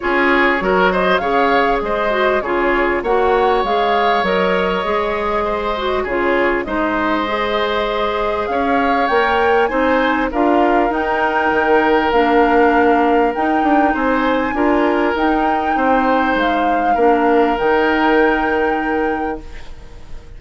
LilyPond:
<<
  \new Staff \with { instrumentName = "flute" } { \time 4/4 \tempo 4 = 99 cis''4. dis''8 f''4 dis''4 | cis''4 fis''4 f''4 dis''4~ | dis''2 cis''4 dis''4~ | dis''2 f''4 g''4 |
gis''4 f''4 g''2 | f''2 g''4 gis''4~ | gis''4 g''2 f''4~ | f''4 g''2. | }
  \new Staff \with { instrumentName = "oboe" } { \time 4/4 gis'4 ais'8 c''8 cis''4 c''4 | gis'4 cis''2.~ | cis''4 c''4 gis'4 c''4~ | c''2 cis''2 |
c''4 ais'2.~ | ais'2. c''4 | ais'2 c''2 | ais'1 | }
  \new Staff \with { instrumentName = "clarinet" } { \time 4/4 f'4 fis'4 gis'4. fis'8 | f'4 fis'4 gis'4 ais'4 | gis'4. fis'8 f'4 dis'4 | gis'2. ais'4 |
dis'4 f'4 dis'2 | d'2 dis'2 | f'4 dis'2. | d'4 dis'2. | }
  \new Staff \with { instrumentName = "bassoon" } { \time 4/4 cis'4 fis4 cis4 gis4 | cis4 ais4 gis4 fis4 | gis2 cis4 gis4~ | gis2 cis'4 ais4 |
c'4 d'4 dis'4 dis4 | ais2 dis'8 d'8 c'4 | d'4 dis'4 c'4 gis4 | ais4 dis2. | }
>>